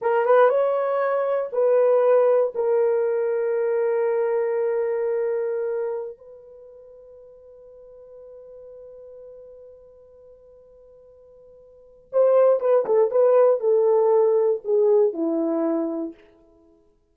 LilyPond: \new Staff \with { instrumentName = "horn" } { \time 4/4 \tempo 4 = 119 ais'8 b'8 cis''2 b'4~ | b'4 ais'2.~ | ais'1~ | ais'16 b'2.~ b'8.~ |
b'1~ | b'1 | c''4 b'8 a'8 b'4 a'4~ | a'4 gis'4 e'2 | }